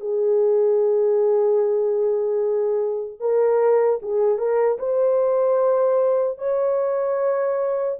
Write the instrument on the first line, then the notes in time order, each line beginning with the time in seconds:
horn
0.00 G#4
3.20 A#4
4.02 G#4
4.38 A#4
4.79 C5
6.38 C#5